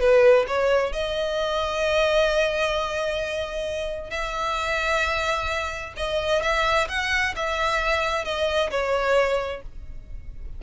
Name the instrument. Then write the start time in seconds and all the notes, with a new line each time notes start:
violin
0.00 B4
0.48 C#5
0.93 D#5
4.10 E5
5.97 D#5
6.42 E5
6.89 F#5
7.36 E5
8.25 D#5
8.71 C#5